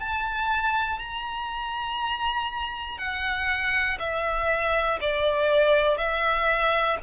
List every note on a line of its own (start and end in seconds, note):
0.00 1.00 A5
1.00 2.99 A#5
2.99 3.99 F#5
4.00 5.00 E5
5.01 5.98 D5
5.98 6.98 E5